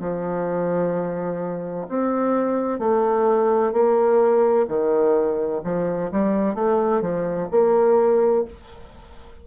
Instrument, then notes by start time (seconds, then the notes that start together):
bassoon
0.00 F3
1.89 C4
2.79 A3
3.73 A#3
4.68 D#3
5.64 F3
6.12 G3
6.55 A3
7.01 F3
7.51 A#3